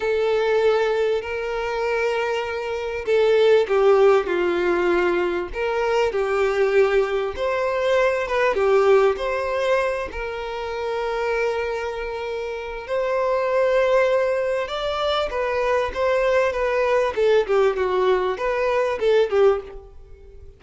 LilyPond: \new Staff \with { instrumentName = "violin" } { \time 4/4 \tempo 4 = 98 a'2 ais'2~ | ais'4 a'4 g'4 f'4~ | f'4 ais'4 g'2 | c''4. b'8 g'4 c''4~ |
c''8 ais'2.~ ais'8~ | ais'4 c''2. | d''4 b'4 c''4 b'4 | a'8 g'8 fis'4 b'4 a'8 g'8 | }